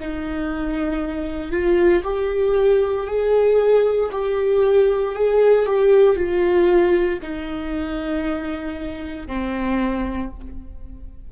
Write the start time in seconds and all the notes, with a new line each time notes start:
0.00 D#4
1.51 F4
2.03 G4
3.07 G#4
4.11 G4
5.15 G#4
5.66 G4
6.16 F4
7.22 D#4
9.27 C4